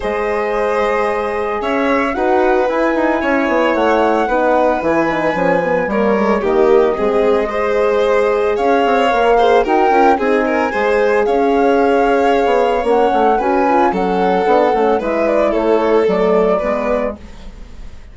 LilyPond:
<<
  \new Staff \with { instrumentName = "flute" } { \time 4/4 \tempo 4 = 112 dis''2. e''4 | fis''4 gis''2 fis''4~ | fis''4 gis''2 cis''4 | dis''1 |
f''2 g''4 gis''4~ | gis''4 f''2. | fis''4 gis''4 fis''2 | e''8 d''8 cis''4 d''2 | }
  \new Staff \with { instrumentName = "violin" } { \time 4/4 c''2. cis''4 | b'2 cis''2 | b'2. ais'4 | g'4 gis'4 c''2 |
cis''4. c''8 ais'4 gis'8 ais'8 | c''4 cis''2.~ | cis''4 b'4 a'2 | b'4 a'2 b'4 | }
  \new Staff \with { instrumentName = "horn" } { \time 4/4 gis'1 | fis'4 e'2. | dis'4 e'8 dis'8 cis'8 b8 ais8 gis8 | ais4 c'4 gis'2~ |
gis'4 ais'8 gis'8 fis'8 f'8 dis'4 | gis'1 | cis'4 fis'8 f'8 cis'4 d'8 cis'8 | e'2 a4 b4 | }
  \new Staff \with { instrumentName = "bassoon" } { \time 4/4 gis2. cis'4 | dis'4 e'8 dis'8 cis'8 b8 a4 | b4 e4 f4 g4 | dis4 gis2. |
cis'8 c'8 ais4 dis'8 cis'8 c'4 | gis4 cis'2~ cis'16 b8. | ais8 a8 cis'4 fis4 b8 a8 | gis4 a4 fis4 gis4 | }
>>